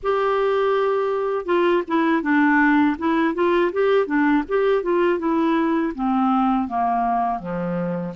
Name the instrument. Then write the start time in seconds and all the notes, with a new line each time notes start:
clarinet
0.02 G4
1.45 F4
1.87 E4
2.22 D4
2.98 E4
3.34 F4
3.72 G4
4.06 D4
4.48 G4
4.82 F4
5.19 E4
5.94 C4
6.68 A#3
7.39 F3